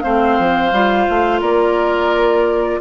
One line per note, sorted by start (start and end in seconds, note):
0.00 0.38 A3
0.00 0.72 C4
0.00 1.40 C5
0.00 1.40 F5
0.38 0.72 F3
0.72 1.06 G3
0.72 2.80 F4
1.09 1.41 A3
1.40 2.80 A#3
1.40 2.80 A#4
1.40 2.80 D5